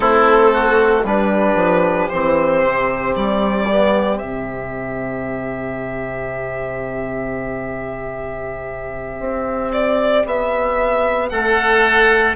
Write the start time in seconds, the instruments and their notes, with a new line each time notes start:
0.00 bassoon A3, trombone C4, oboe E4, violin A4
0.53 oboe F#4
1.04 bassoon G3, trombone D4, oboe G4, violin B4
1.55 bassoon F3
2.08 bassoon E3, trombone C4, violin C5
2.64 bassoon C3
3.15 bassoon G3, violin D5
3.70 trombone B3
4.18 bassoon C3, trombone C4, violin E5
9.19 bassoon C4
9.73 violin D5
10.25 bassoon B3, violin E5
11.29 bassoon A3, oboe A4, violin F#5